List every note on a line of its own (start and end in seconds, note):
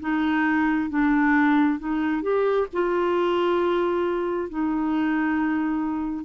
0.00 0.89 D#4
0.89 1.79 D4
1.79 2.22 D#4
2.22 2.67 G4
2.73 4.49 F4
4.49 6.24 D#4